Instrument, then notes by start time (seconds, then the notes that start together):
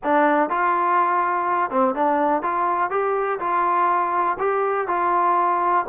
trombone
0.03 D4
0.49 F4
1.70 C4
1.94 D4
2.42 F4
2.90 G4
3.39 F4
4.38 G4
4.87 F4